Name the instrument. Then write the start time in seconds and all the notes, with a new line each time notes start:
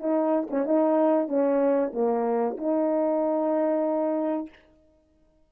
horn
0.00 D#4
0.50 C#4
0.65 D#4
1.28 C#4
1.93 A#3
2.57 D#4